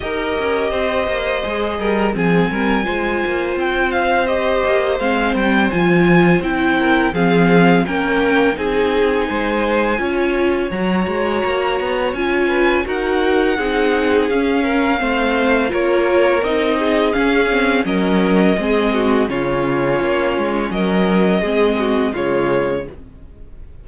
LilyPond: <<
  \new Staff \with { instrumentName = "violin" } { \time 4/4 \tempo 4 = 84 dis''2. gis''4~ | gis''4 g''8 f''8 dis''4 f''8 g''8 | gis''4 g''4 f''4 g''4 | gis''2. ais''4~ |
ais''4 gis''4 fis''2 | f''2 cis''4 dis''4 | f''4 dis''2 cis''4~ | cis''4 dis''2 cis''4 | }
  \new Staff \with { instrumentName = "violin" } { \time 4/4 ais'4 c''4. ais'8 gis'8 ais'8 | c''1~ | c''4. ais'8 gis'4 ais'4 | gis'4 c''4 cis''2~ |
cis''4. b'8 ais'4 gis'4~ | gis'8 ais'8 c''4 ais'4. gis'8~ | gis'4 ais'4 gis'8 fis'8 f'4~ | f'4 ais'4 gis'8 fis'8 f'4 | }
  \new Staff \with { instrumentName = "viola" } { \time 4/4 g'2 gis'4 c'4 | f'2 g'4 c'4 | f'4 e'4 c'4 cis'4 | dis'2 f'4 fis'4~ |
fis'4 f'4 fis'4 dis'4 | cis'4 c'4 f'4 dis'4 | cis'8 c'8 cis'4 c'4 cis'4~ | cis'2 c'4 gis4 | }
  \new Staff \with { instrumentName = "cello" } { \time 4/4 dis'8 cis'8 c'8 ais8 gis8 g8 f8 g8 | gis8 ais8 c'4. ais8 gis8 g8 | f4 c'4 f4 ais4 | c'4 gis4 cis'4 fis8 gis8 |
ais8 b8 cis'4 dis'4 c'4 | cis'4 a4 ais4 c'4 | cis'4 fis4 gis4 cis4 | ais8 gis8 fis4 gis4 cis4 | }
>>